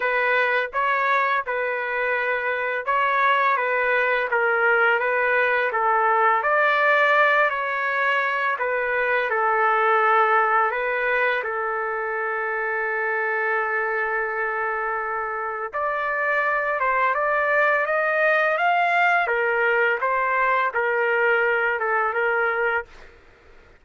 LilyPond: \new Staff \with { instrumentName = "trumpet" } { \time 4/4 \tempo 4 = 84 b'4 cis''4 b'2 | cis''4 b'4 ais'4 b'4 | a'4 d''4. cis''4. | b'4 a'2 b'4 |
a'1~ | a'2 d''4. c''8 | d''4 dis''4 f''4 ais'4 | c''4 ais'4. a'8 ais'4 | }